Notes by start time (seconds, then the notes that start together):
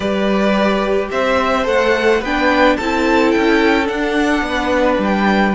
0.00 G3 G4 B4 D5
1.11 C4 C5 E5
1.63 A3 A4 F#5
2.20 B3 D4 B4 G5
2.76 C4 E4 A4 A5
3.31 C#4 G5
3.85 D4 F#5
4.41 B3
4.48 B4
4.98 G3 G5